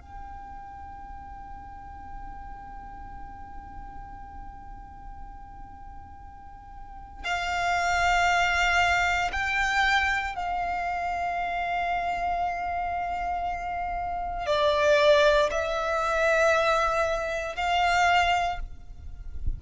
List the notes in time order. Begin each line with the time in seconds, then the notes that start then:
0.00 G5
7.24 F5
9.32 G5
10.35 F5
14.46 D5
15.51 E5
17.56 F5